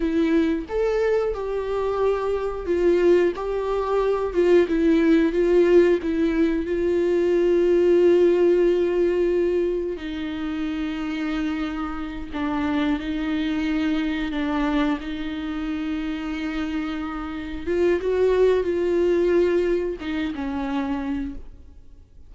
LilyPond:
\new Staff \with { instrumentName = "viola" } { \time 4/4 \tempo 4 = 90 e'4 a'4 g'2 | f'4 g'4. f'8 e'4 | f'4 e'4 f'2~ | f'2. dis'4~ |
dis'2~ dis'8 d'4 dis'8~ | dis'4. d'4 dis'4.~ | dis'2~ dis'8 f'8 fis'4 | f'2 dis'8 cis'4. | }